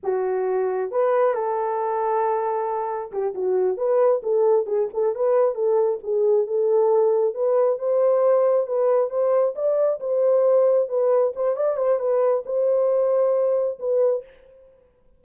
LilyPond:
\new Staff \with { instrumentName = "horn" } { \time 4/4 \tempo 4 = 135 fis'2 b'4 a'4~ | a'2. g'8 fis'8~ | fis'8 b'4 a'4 gis'8 a'8 b'8~ | b'8 a'4 gis'4 a'4.~ |
a'8 b'4 c''2 b'8~ | b'8 c''4 d''4 c''4.~ | c''8 b'4 c''8 d''8 c''8 b'4 | c''2. b'4 | }